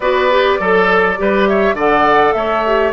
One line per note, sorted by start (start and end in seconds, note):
0.00 0.59 B3
0.00 0.30 F#4
0.00 0.59 B4
0.00 1.46 D5
0.30 0.60 G4
0.59 1.18 F#3
0.59 1.18 A4
0.59 1.17 A4
1.17 1.73 G3
1.17 1.76 G4
1.17 1.49 B4
1.46 1.75 C#5
1.46 1.76 E5
1.73 2.32 D3
1.73 2.66 A4
1.73 2.34 D5
1.73 2.33 F#5
2.33 2.92 A3
2.33 2.92 C#5
2.33 2.91 E5
2.66 2.92 G4